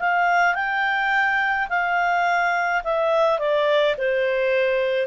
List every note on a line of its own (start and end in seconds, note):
0.00 0.55 F5
0.55 1.68 G5
1.69 2.83 F5
2.84 3.39 E5
3.39 3.95 D5
3.98 5.07 C5